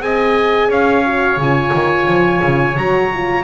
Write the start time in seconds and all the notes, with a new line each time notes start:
0.00 C4 G#4 D#5 G#5
0.68 C#4 C#5 F5
1.05 F#4
1.37 C#3 F4 G#5
1.74 D#3
2.07 F3
2.42 C#3
2.76 F#3 F#4 A#5
3.13 F4